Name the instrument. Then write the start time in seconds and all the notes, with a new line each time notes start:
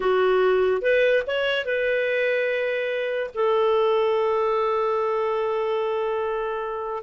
clarinet
0.00 F#4
0.81 B4
1.26 C#5
1.65 B4
3.34 A4